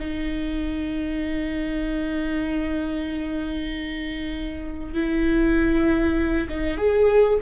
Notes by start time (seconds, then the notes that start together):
0.00 D#4
4.94 E4
6.49 D#4
6.78 G#4